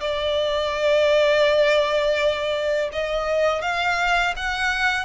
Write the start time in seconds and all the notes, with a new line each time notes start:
0.00 D5
2.92 D#5
3.61 F5
4.36 F#5